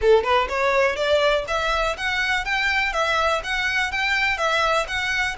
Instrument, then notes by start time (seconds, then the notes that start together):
violin
0.01 A4
0.23 B4
0.49 C#5
0.96 D5
1.47 E5
1.97 F#5
2.44 G5
2.92 E5
3.43 F#5
3.91 G5
4.37 E5
4.87 F#5